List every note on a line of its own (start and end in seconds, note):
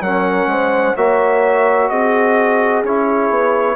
0.00 0.46 F#3
0.00 0.96 C#4
0.00 0.50 A#4
0.00 0.96 F#5
0.46 0.93 G#3
0.46 0.96 C5
0.96 1.90 A#3
0.96 2.84 F#4
0.96 1.89 C#5
0.96 1.89 E5
1.89 2.82 C4
1.89 3.76 G#4
1.89 2.82 D#5
2.82 3.29 C#4
2.82 3.76 E4
2.82 3.76 C#5
3.29 3.76 B3